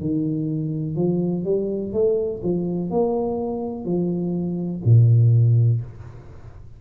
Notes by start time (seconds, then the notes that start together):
0.00 D#3
0.96 F3
1.44 G3
1.93 A3
2.43 F3
2.90 A#3
3.85 F3
4.84 A#2